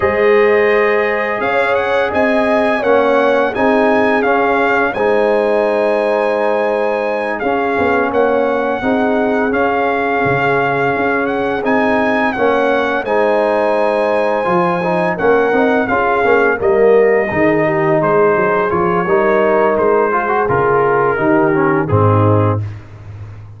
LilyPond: <<
  \new Staff \with { instrumentName = "trumpet" } { \time 4/4 \tempo 4 = 85 dis''2 f''8 fis''8 gis''4 | fis''4 gis''4 f''4 gis''4~ | gis''2~ gis''8 f''4 fis''8~ | fis''4. f''2~ f''8 |
fis''8 gis''4 fis''4 gis''4.~ | gis''4. fis''4 f''4 dis''8~ | dis''4. c''4 cis''4. | c''4 ais'2 gis'4 | }
  \new Staff \with { instrumentName = "horn" } { \time 4/4 c''2 cis''4 dis''4 | cis''4 gis'2 c''4~ | c''2~ c''8 gis'4 cis''8~ | cis''8 gis'2.~ gis'8~ |
gis'4. cis''4 c''4.~ | c''4. ais'4 gis'4 ais'8~ | ais'8 gis'8 g'8 gis'4. ais'4~ | ais'8 gis'4. g'4 dis'4 | }
  \new Staff \with { instrumentName = "trombone" } { \time 4/4 gis'1 | cis'4 dis'4 cis'4 dis'4~ | dis'2~ dis'8 cis'4.~ | cis'8 dis'4 cis'2~ cis'8~ |
cis'8 dis'4 cis'4 dis'4.~ | dis'8 f'8 dis'8 cis'8 dis'8 f'8 cis'8 ais8~ | ais8 dis'2 f'8 dis'4~ | dis'8 f'16 fis'16 f'4 dis'8 cis'8 c'4 | }
  \new Staff \with { instrumentName = "tuba" } { \time 4/4 gis2 cis'4 c'4 | ais4 c'4 cis'4 gis4~ | gis2~ gis8 cis'8 b8 ais8~ | ais8 c'4 cis'4 cis4 cis'8~ |
cis'8 c'4 ais4 gis4.~ | gis8 f4 ais8 c'8 cis'8 ais8 g8~ | g8 dis4 gis8 fis8 f8 g4 | gis4 cis4 dis4 gis,4 | }
>>